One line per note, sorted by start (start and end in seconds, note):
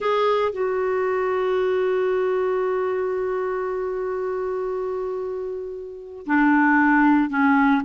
0.00 0.52 G#4
0.52 6.26 F#4
6.26 7.29 D4
7.29 7.81 C#4